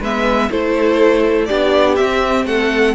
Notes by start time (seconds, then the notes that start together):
0.00 G#3 B3 B4 E5
0.51 A3 E4 A4 C5
1.46 B3 D4 G4 D5
1.96 C4 E5
2.45 A3 A4 F#5